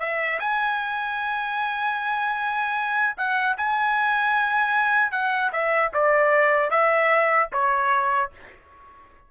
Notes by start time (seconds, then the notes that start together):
0.00 E5
0.40 G#5
3.17 F#5
3.57 G#5
5.12 F#5
5.53 E5
5.94 D5
6.71 E5
7.53 C#5